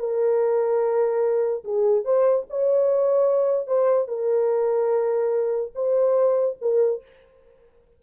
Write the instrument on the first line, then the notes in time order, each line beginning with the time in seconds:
horn
0.00 A#4
1.65 G#4
2.05 C5
2.50 C#5
3.67 C5
4.08 A#4
5.76 C5
6.62 A#4